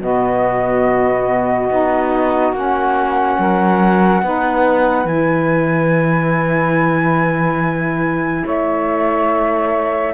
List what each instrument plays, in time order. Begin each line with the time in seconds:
0.00 cello B2, saxophone B3 F#4, flute D#5
1.70 cello B3, saxophone D#4
2.53 cello A#3, saxophone C#4, flute F#5
3.39 cello F#3, saxophone A#4
4.23 cello B3, saxophone D#4 B4
5.05 cello E3, saxophone E4, flute G#5
8.45 cello A3, saxophone C#5, flute E5